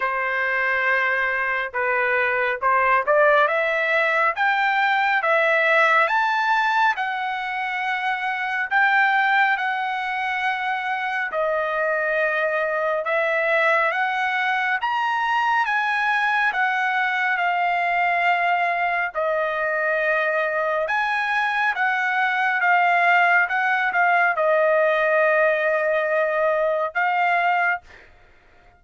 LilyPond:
\new Staff \with { instrumentName = "trumpet" } { \time 4/4 \tempo 4 = 69 c''2 b'4 c''8 d''8 | e''4 g''4 e''4 a''4 | fis''2 g''4 fis''4~ | fis''4 dis''2 e''4 |
fis''4 ais''4 gis''4 fis''4 | f''2 dis''2 | gis''4 fis''4 f''4 fis''8 f''8 | dis''2. f''4 | }